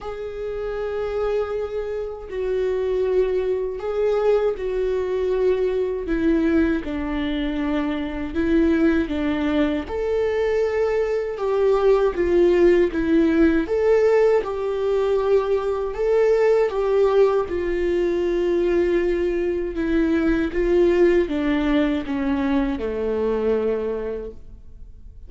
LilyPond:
\new Staff \with { instrumentName = "viola" } { \time 4/4 \tempo 4 = 79 gis'2. fis'4~ | fis'4 gis'4 fis'2 | e'4 d'2 e'4 | d'4 a'2 g'4 |
f'4 e'4 a'4 g'4~ | g'4 a'4 g'4 f'4~ | f'2 e'4 f'4 | d'4 cis'4 a2 | }